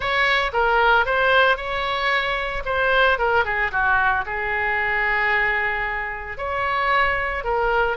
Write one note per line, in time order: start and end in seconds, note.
0.00 0.51 C#5
0.53 1.05 A#4
1.05 1.57 C5
1.57 2.63 C#5
2.65 3.18 C5
3.18 3.44 A#4
3.44 3.71 G#4
3.71 4.24 F#4
4.26 6.37 G#4
6.37 7.44 C#5
7.44 7.97 A#4